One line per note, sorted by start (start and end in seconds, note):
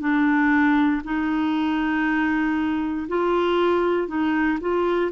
0.00 1.02 D4
1.04 3.07 D#4
3.08 4.08 F4
4.08 4.59 D#4
4.60 5.11 F4